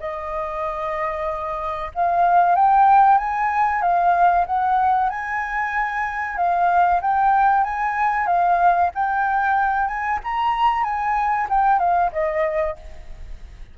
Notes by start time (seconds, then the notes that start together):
0.00 D#5
1.95 F5
2.56 G5
3.18 G#5
3.82 F5
4.47 F#5
5.10 G#5
6.37 F5
7.02 G5
7.64 G#5
8.27 F5
8.95 G5
9.88 G#5
10.24 A#5
10.84 G#5
11.50 G5
11.79 F5
12.12 D#5